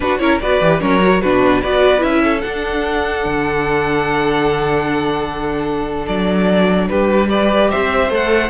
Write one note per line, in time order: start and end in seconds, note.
0.00 0.19 D4
0.00 0.21 D4
0.00 0.21 F#4
0.00 0.18 B4
0.18 0.41 C#4
0.18 0.39 E4
0.18 0.41 A#4
0.18 0.39 C#5
0.39 0.60 B3
0.39 0.61 F#4
0.39 0.81 B4
0.39 0.80 D5
0.60 0.80 E3
0.60 0.80 G4
0.80 1.22 F#3
0.80 1.01 C#4
0.80 1.21 A#4
0.80 1.21 C#5
1.01 1.21 F#4
1.21 1.64 B2
1.21 1.63 D4
1.21 1.61 F#4
1.21 1.62 B4
1.61 2.02 B3
1.61 1.98 F#4
1.61 2.21 B4
1.61 2.02 D5
1.98 2.43 C#4
1.98 2.39 E4
1.98 2.41 E5
2.23 6.88 A4
2.41 7.28 D4
2.41 3.25 D4
2.41 6.06 F#5
3.25 6.08 D3
6.06 6.89 F#3
6.06 6.87 D5
6.88 7.72 G3
6.88 7.29 G4
6.88 7.28 B4
7.28 8.09 G4
7.28 7.70 B4
7.28 7.70 D5
7.70 8.10 C4
7.70 8.49 C5
7.70 8.11 E5
8.10 8.49 A3
8.10 8.49 A4
8.10 8.49 F#5